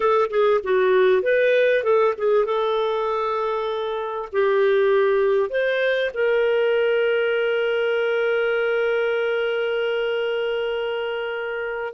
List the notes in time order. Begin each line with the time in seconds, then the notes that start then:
0.00 A4
0.29 G#4
0.63 F#4
1.22 B4
1.83 A4
2.17 G#4
2.45 A4
4.32 G4
5.49 C5
6.14 A#4